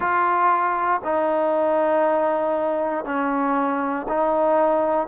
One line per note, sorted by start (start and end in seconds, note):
0.00 1.01 F4
1.04 3.05 D#4
3.05 4.06 C#4
4.08 5.07 D#4